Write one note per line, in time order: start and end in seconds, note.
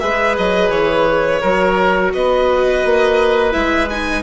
0.00 0.38 G#3
0.00 1.41 G#4
0.00 1.41 B4
0.00 0.35 E5
0.37 0.70 F#3
0.37 0.70 D#5
0.70 1.40 E3
0.70 2.12 C#5
1.41 2.14 F#3
1.41 3.52 F#4
1.41 2.12 A#4
2.13 2.84 B3
2.13 4.23 B4
2.13 3.52 D#5
2.84 3.54 A#3
3.52 4.23 G#3
3.52 3.87 E4
3.52 3.88 E5
3.90 4.23 D#4
3.90 4.23 G#5